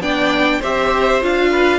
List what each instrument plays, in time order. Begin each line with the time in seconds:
0.00 cello B3, viola D4, violin D5 G5
0.60 cello C4, viola G4, violin C5 E5
1.22 cello D4, viola F4, violin F5
1.52 violin B4